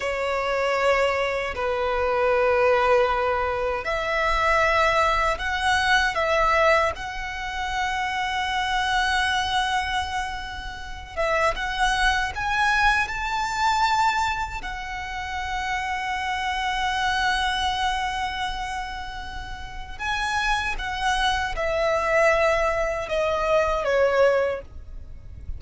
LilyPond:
\new Staff \with { instrumentName = "violin" } { \time 4/4 \tempo 4 = 78 cis''2 b'2~ | b'4 e''2 fis''4 | e''4 fis''2.~ | fis''2~ fis''8 e''8 fis''4 |
gis''4 a''2 fis''4~ | fis''1~ | fis''2 gis''4 fis''4 | e''2 dis''4 cis''4 | }